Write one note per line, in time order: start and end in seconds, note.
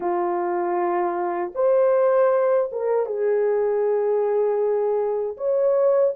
0.00 1.52 F4
1.54 2.70 C5
2.72 3.06 A#4
3.06 5.36 G#4
5.37 6.14 C#5